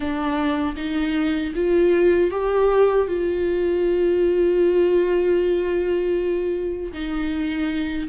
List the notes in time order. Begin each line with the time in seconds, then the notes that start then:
0.00 D4
0.76 D#4
1.55 F4
2.30 G4
3.07 F4
6.92 D#4